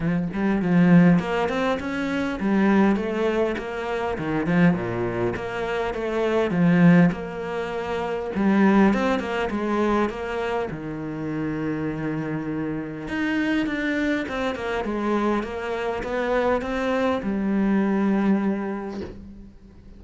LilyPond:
\new Staff \with { instrumentName = "cello" } { \time 4/4 \tempo 4 = 101 f8 g8 f4 ais8 c'8 cis'4 | g4 a4 ais4 dis8 f8 | ais,4 ais4 a4 f4 | ais2 g4 c'8 ais8 |
gis4 ais4 dis2~ | dis2 dis'4 d'4 | c'8 ais8 gis4 ais4 b4 | c'4 g2. | }